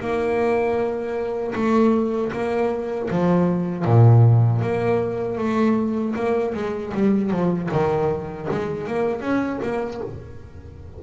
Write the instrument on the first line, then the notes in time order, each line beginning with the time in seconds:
double bass
0.00 A#3
1.55 A3
2.32 A#3
3.10 F3
3.85 A#2
4.61 A#3
5.37 A3
6.15 A#3
6.54 G#3
6.94 G3
7.30 F3
7.71 D#3
8.51 G#3
8.87 A#3
9.21 C#4
9.62 A#3